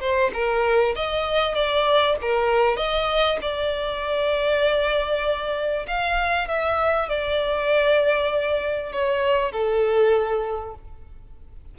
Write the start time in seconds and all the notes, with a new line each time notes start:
0.00 C5
0.33 A#4
0.95 D#5
1.54 D5
2.22 A#4
2.77 D#5
3.41 D5
5.87 F5
6.48 E5
7.09 D5
8.92 C#5
9.51 A4